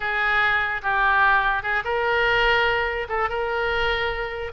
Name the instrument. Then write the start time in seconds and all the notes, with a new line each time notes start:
oboe
0.00 G#4
0.82 G4
1.62 G#4
1.84 A#4
3.08 A4
3.29 A#4